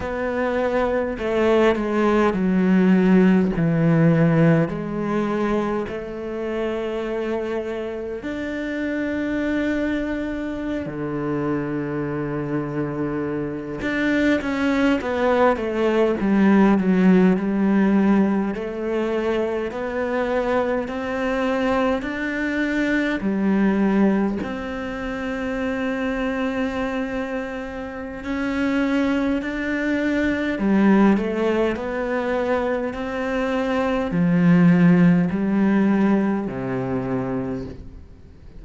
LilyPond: \new Staff \with { instrumentName = "cello" } { \time 4/4 \tempo 4 = 51 b4 a8 gis8 fis4 e4 | gis4 a2 d'4~ | d'4~ d'16 d2~ d8 d'16~ | d'16 cis'8 b8 a8 g8 fis8 g4 a16~ |
a8. b4 c'4 d'4 g16~ | g8. c'2.~ c'16 | cis'4 d'4 g8 a8 b4 | c'4 f4 g4 c4 | }